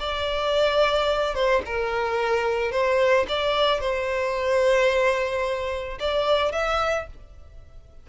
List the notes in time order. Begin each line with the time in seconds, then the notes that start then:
0.00 D5
1.35 C5
1.66 A#4
2.72 C5
3.29 D5
3.81 C5
6.00 D5
6.53 E5